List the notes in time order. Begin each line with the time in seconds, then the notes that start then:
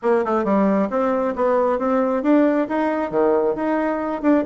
0.02 A#3
0.24 A3
0.44 G3
0.90 C4
1.35 B3
1.78 C4
2.23 D4
2.68 D#4
3.10 D#3
3.55 D#4
4.22 D4